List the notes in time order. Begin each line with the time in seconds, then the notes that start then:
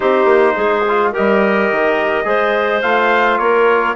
0.00 C4 D#4 G4 C5
0.24 A#3
0.55 G#3 G#4
0.88 F4
1.11 G4 A#4 D#5
1.18 G3
1.71 D#3
2.24 G#3 G#4 C5
2.82 A3 F4 F5
3.38 A#3 A#4 C#5